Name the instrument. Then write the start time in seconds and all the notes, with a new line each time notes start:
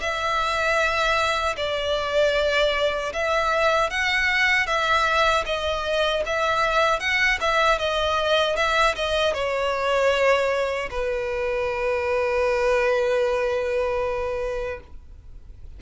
violin
0.00 E5
1.57 D5
3.13 E5
3.90 F#5
4.66 E5
5.46 D#5
6.26 E5
7.00 F#5
7.41 E5
7.79 D#5
8.56 E5
8.95 D#5
9.34 C#5
10.91 B4